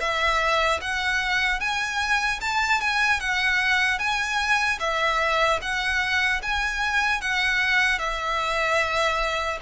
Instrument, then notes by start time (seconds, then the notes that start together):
violin
0.00 E5
0.81 F#5
1.60 G#5
2.41 A5
2.81 G#5
3.20 F#5
3.99 G#5
4.80 E5
5.61 F#5
6.42 G#5
7.21 F#5
7.99 E5